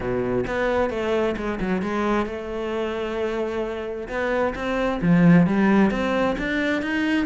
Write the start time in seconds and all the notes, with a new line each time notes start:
0.00 B2
0.46 B3
0.90 A3
1.36 G#3
1.60 F#3
1.82 G#3
2.26 A3
4.08 B3
4.55 C4
5.01 F3
5.46 G3
5.90 C4
6.38 D4
6.82 D#4